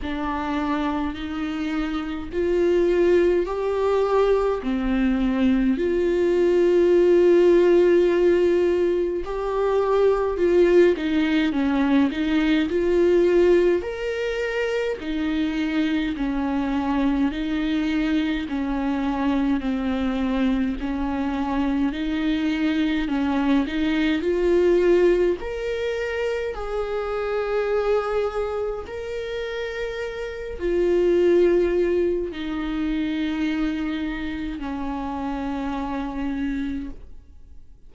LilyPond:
\new Staff \with { instrumentName = "viola" } { \time 4/4 \tempo 4 = 52 d'4 dis'4 f'4 g'4 | c'4 f'2. | g'4 f'8 dis'8 cis'8 dis'8 f'4 | ais'4 dis'4 cis'4 dis'4 |
cis'4 c'4 cis'4 dis'4 | cis'8 dis'8 f'4 ais'4 gis'4~ | gis'4 ais'4. f'4. | dis'2 cis'2 | }